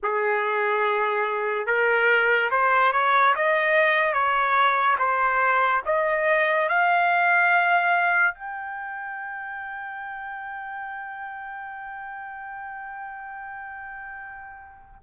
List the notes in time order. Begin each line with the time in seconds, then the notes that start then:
0.02 G#4
1.66 A#4
2.50 C5
2.92 C#5
3.35 D#5
4.12 C#5
4.98 C5
5.85 D#5
6.68 F5
8.34 G5